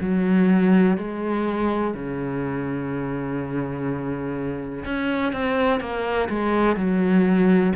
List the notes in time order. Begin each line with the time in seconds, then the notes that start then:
0.00 F#3
0.97 G#3
1.94 C#3
4.85 C#4
5.32 C4
5.80 A#3
6.29 G#3
6.76 F#3